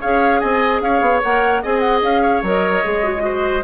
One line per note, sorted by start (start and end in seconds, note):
0.00 0.42 C#4
0.00 1.23 G#4
0.00 0.40 C#5
0.00 0.40 F5
0.40 0.81 C4
0.40 0.80 D#5
0.40 0.80 G#5
0.81 1.01 C#4
0.81 1.62 C#5
0.81 1.21 F5
1.01 1.21 B3
1.22 1.64 A#3
1.22 1.63 A#4
1.22 1.63 F#5
1.62 2.02 C4
1.62 2.43 G#4
1.62 2.21 D#5
1.62 1.79 G#5
1.79 1.99 F#5
2.02 2.42 C#4
2.02 2.43 F5
2.21 3.22 C#5
2.42 2.82 F#3
2.42 2.84 A#4
2.42 3.64 D#5
2.84 3.64 G#3
2.84 3.03 G#4
3.03 3.13 F#4
3.17 3.20 F4
3.17 3.61 F#4
3.24 3.64 C5